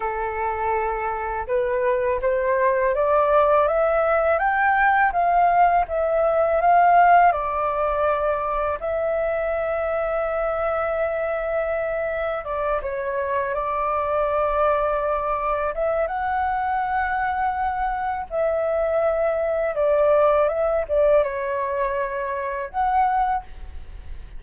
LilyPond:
\new Staff \with { instrumentName = "flute" } { \time 4/4 \tempo 4 = 82 a'2 b'4 c''4 | d''4 e''4 g''4 f''4 | e''4 f''4 d''2 | e''1~ |
e''4 d''8 cis''4 d''4.~ | d''4. e''8 fis''2~ | fis''4 e''2 d''4 | e''8 d''8 cis''2 fis''4 | }